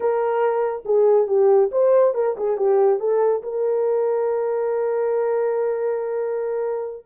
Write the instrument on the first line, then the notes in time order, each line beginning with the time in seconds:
horn
0.00 A#4
0.85 G#4
1.27 G4
1.71 C5
2.14 A#4
2.37 G#4
2.57 G4
2.99 A4
3.43 A#4